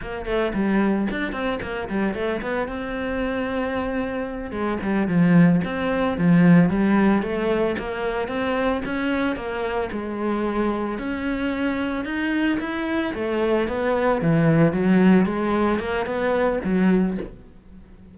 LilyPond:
\new Staff \with { instrumentName = "cello" } { \time 4/4 \tempo 4 = 112 ais8 a8 g4 d'8 c'8 ais8 g8 | a8 b8 c'2.~ | c'8 gis8 g8 f4 c'4 f8~ | f8 g4 a4 ais4 c'8~ |
c'8 cis'4 ais4 gis4.~ | gis8 cis'2 dis'4 e'8~ | e'8 a4 b4 e4 fis8~ | fis8 gis4 ais8 b4 fis4 | }